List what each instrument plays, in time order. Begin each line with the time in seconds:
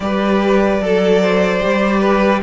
0.00 cello G3, viola G4, violin B4 D5
0.80 cello F#3, viola A4, violin A4
1.22 violin C5
1.59 cello G3, viola G4
1.99 violin B4